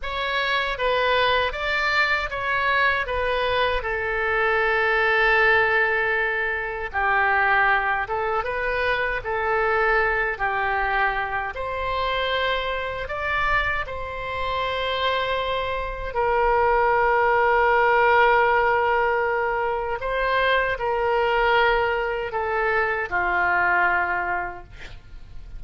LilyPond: \new Staff \with { instrumentName = "oboe" } { \time 4/4 \tempo 4 = 78 cis''4 b'4 d''4 cis''4 | b'4 a'2.~ | a'4 g'4. a'8 b'4 | a'4. g'4. c''4~ |
c''4 d''4 c''2~ | c''4 ais'2.~ | ais'2 c''4 ais'4~ | ais'4 a'4 f'2 | }